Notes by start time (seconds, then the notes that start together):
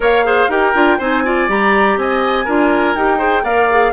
0.00 A#3 A#4 C#5 F5
0.24 G#4 C5
0.48 D#4 G4 A#4 G5
0.74 D4 F4
0.98 C4 D#4 C5 G#5
1.24 F4 D5
1.48 G3 G4 A#5
1.96 C4 D#5 G#5
2.44 D4 F4 A#4
2.95 D#4 G4 G5
3.18 G#4 C5
3.43 A#3 A#4 D5 F5
3.70 G#4